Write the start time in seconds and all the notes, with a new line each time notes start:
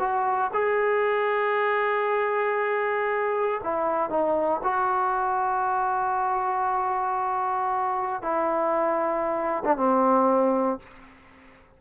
0.00 F#4
0.54 G#4
3.64 E4
4.10 D#4
4.64 F#4
8.23 E4
9.65 D4
9.77 C4